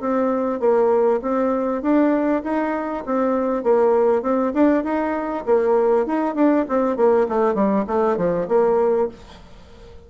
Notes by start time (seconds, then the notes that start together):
0.00 C4
0.60 A#3
1.21 C4
1.82 D4
2.43 D#4
3.06 C4
3.63 A#3
4.22 C4
4.54 D4
4.84 D#4
5.46 A#3
6.06 D#4
6.35 D4
6.68 C4
6.96 A#3
7.28 A3
7.54 G3
7.87 A3
8.17 F3
8.48 A#3